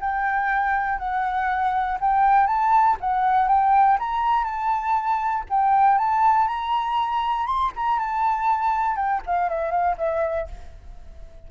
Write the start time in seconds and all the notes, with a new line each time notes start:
0.00 G5
0.98 F#5
2.00 G5
2.47 A5
3.00 F#5
3.48 G5
3.99 A#5
4.44 A5
5.50 G5
5.98 A5
6.47 A#5
7.46 C6
7.76 A#5
7.99 A5
8.96 G5
9.26 F5
9.49 E5
9.71 F5
9.97 E5